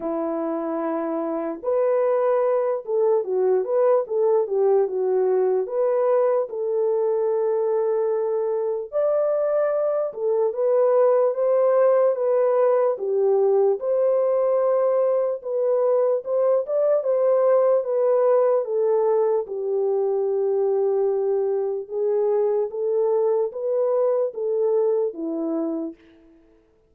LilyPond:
\new Staff \with { instrumentName = "horn" } { \time 4/4 \tempo 4 = 74 e'2 b'4. a'8 | fis'8 b'8 a'8 g'8 fis'4 b'4 | a'2. d''4~ | d''8 a'8 b'4 c''4 b'4 |
g'4 c''2 b'4 | c''8 d''8 c''4 b'4 a'4 | g'2. gis'4 | a'4 b'4 a'4 e'4 | }